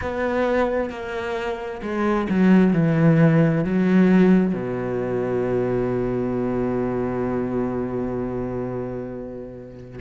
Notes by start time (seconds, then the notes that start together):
0.01 B3
0.90 A#3
1.82 G#3
2.29 F#3
2.73 E3
3.64 F#3
4.54 B2